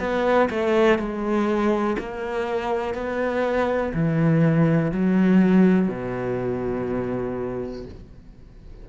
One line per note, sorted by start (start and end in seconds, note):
0.00 0.49 B3
0.50 0.98 A3
0.98 1.97 G#3
1.99 2.94 A#3
2.94 3.93 B3
3.94 4.92 E3
4.92 5.88 F#3
5.88 7.85 B2